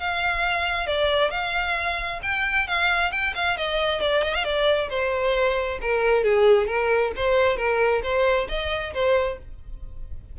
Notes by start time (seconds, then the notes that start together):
0.00 F5
0.87 D5
1.31 F5
2.23 G5
2.67 F5
3.11 G5
3.35 F5
3.57 D#5
4.01 D5
4.23 D#5
4.34 F5
4.44 D5
4.89 C5
5.81 A#4
6.24 G#4
6.67 A#4
7.16 C5
7.57 A#4
8.03 C5
8.49 D#5
8.94 C5